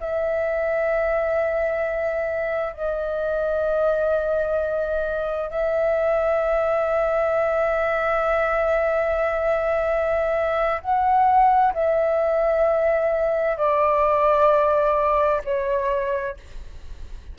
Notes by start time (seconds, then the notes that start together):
0.00 E5
2.74 D#5
5.50 E5
10.81 F#5
11.74 E5
13.57 D5
15.44 C#5